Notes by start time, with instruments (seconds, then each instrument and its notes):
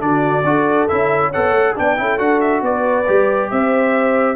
0.00 tuba D3, trombone D4, horn F#4, trumpet D5
0.44 tuba D4, trombone F#4, horn A4
0.89 tuba C#4, trombone E4, trumpet E5
1.30 tuba B3, trombone A4, horn C#5, trumpet F#5
1.51 tuba A3
1.75 tuba B3, trombone D4, horn D5, trumpet G5
1.97 tuba C#4, trombone E4, horn A4
2.19 tuba D4, trombone F#4, trumpet F#5
2.41 trumpet E5
2.62 tuba B3, horn B4, trumpet D5
3.07 tuba G3, trombone G4
3.51 tuba C4, horn C5, trumpet E5